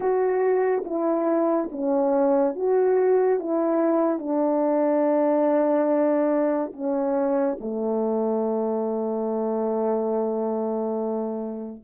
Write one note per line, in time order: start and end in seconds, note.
0.00 0.83 F#4
0.85 1.69 E4
1.71 2.55 C#4
2.55 3.39 F#4
3.39 4.18 E4
4.18 6.72 D4
6.73 7.57 C#4
7.60 11.82 A3